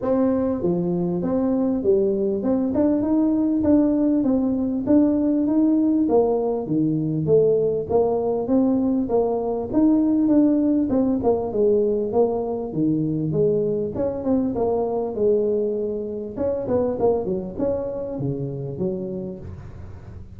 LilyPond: \new Staff \with { instrumentName = "tuba" } { \time 4/4 \tempo 4 = 99 c'4 f4 c'4 g4 | c'8 d'8 dis'4 d'4 c'4 | d'4 dis'4 ais4 dis4 | a4 ais4 c'4 ais4 |
dis'4 d'4 c'8 ais8 gis4 | ais4 dis4 gis4 cis'8 c'8 | ais4 gis2 cis'8 b8 | ais8 fis8 cis'4 cis4 fis4 | }